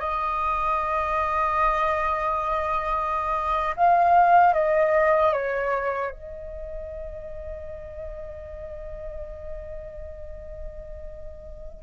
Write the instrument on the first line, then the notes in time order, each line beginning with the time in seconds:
flute
0.00 D#5
3.76 F5
4.54 D#5
5.33 C#5
6.11 D#5